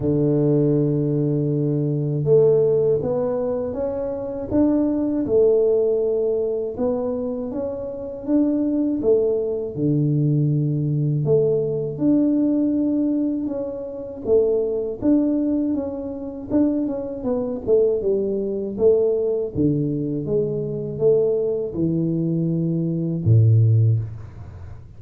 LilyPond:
\new Staff \with { instrumentName = "tuba" } { \time 4/4 \tempo 4 = 80 d2. a4 | b4 cis'4 d'4 a4~ | a4 b4 cis'4 d'4 | a4 d2 a4 |
d'2 cis'4 a4 | d'4 cis'4 d'8 cis'8 b8 a8 | g4 a4 d4 gis4 | a4 e2 a,4 | }